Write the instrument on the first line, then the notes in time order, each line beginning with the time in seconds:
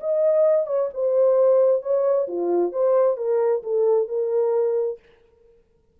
horn
0.00 D#5
0.67 C#5
0.94 C5
1.82 C#5
2.28 F4
2.73 C5
3.17 A#4
3.63 A4
4.08 A#4